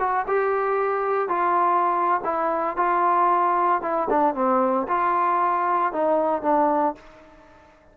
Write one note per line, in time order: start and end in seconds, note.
0.00 0.26 F#4
0.28 1.29 G4
1.29 2.21 F4
2.24 2.77 E4
2.77 3.82 F4
3.82 4.09 E4
4.10 4.35 D4
4.35 4.88 C4
4.88 5.93 F4
5.93 6.43 D#4
6.43 6.95 D4